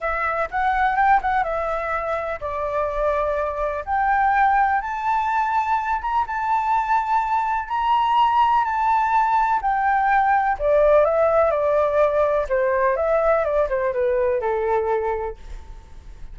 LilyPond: \new Staff \with { instrumentName = "flute" } { \time 4/4 \tempo 4 = 125 e''4 fis''4 g''8 fis''8 e''4~ | e''4 d''2. | g''2 a''2~ | a''8 ais''8 a''2. |
ais''2 a''2 | g''2 d''4 e''4 | d''2 c''4 e''4 | d''8 c''8 b'4 a'2 | }